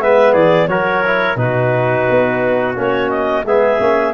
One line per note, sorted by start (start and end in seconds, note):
0.00 0.34 G#3
0.00 0.69 B3
0.00 0.32 B4
0.00 0.33 E5
0.32 0.68 E3
0.32 0.67 G#4
0.32 0.68 D5
0.68 1.36 F#3
0.68 1.03 F#4
0.68 1.39 A#4
0.68 1.37 C#5
1.06 1.37 E4
1.36 2.05 B2
1.36 2.75 D#4
1.36 2.75 B4
1.42 3.47 F#4
2.09 2.76 B3
2.75 3.44 A#3
2.75 3.44 C#4
2.75 3.10 C#5
3.10 3.44 D#5
3.44 3.79 G#3
3.44 3.79 B3
3.44 4.14 G#4
3.44 4.14 E5
3.79 4.14 A#3
3.79 4.14 C#4